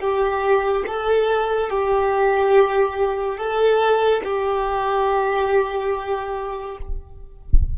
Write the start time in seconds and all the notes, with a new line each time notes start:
0.00 G4
0.87 A4
1.70 G4
3.37 A4
4.24 G4